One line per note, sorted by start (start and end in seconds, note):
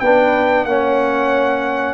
0.00 0.65 B3
0.00 0.68 D4
0.00 0.68 B4
0.00 0.65 G5
0.65 1.94 A#3
0.65 1.94 C#4
0.65 1.94 C#5
0.65 1.94 F#5